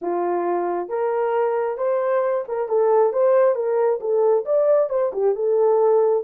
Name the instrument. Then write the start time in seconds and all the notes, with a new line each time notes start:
horn
0.01 F4
0.88 A#4
1.77 C5
2.47 A#4
2.68 A4
3.13 C5
3.55 A#4
4.00 A4
4.45 D5
4.89 C5
5.13 G4
5.35 A4